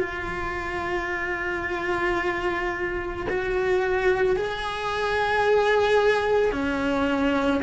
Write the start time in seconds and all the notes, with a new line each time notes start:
0.00 F4
3.30 F#4
4.37 G#4
6.53 C#4